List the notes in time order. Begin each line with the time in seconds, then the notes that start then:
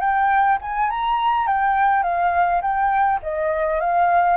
0.00 G5
0.61 G#5
0.90 A#5
1.47 G5
2.03 F5
2.62 G5
3.23 D#5
3.80 F5